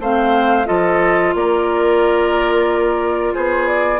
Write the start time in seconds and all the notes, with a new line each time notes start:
0.00 A3 C4 C5 F5
0.65 F3 F4 A4 D#5
1.34 A#3 A#4 D5
3.34 B3 G#4 C5
3.67 D5